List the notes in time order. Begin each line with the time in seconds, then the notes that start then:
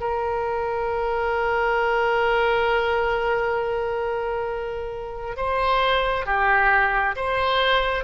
0.00 A#4
5.36 C5
6.26 G4
7.16 C5